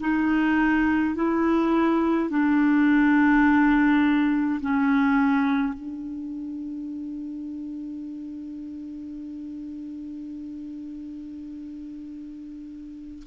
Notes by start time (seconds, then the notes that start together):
0.00 D#4
1.15 E4
2.30 D4
4.61 C#4
5.73 D4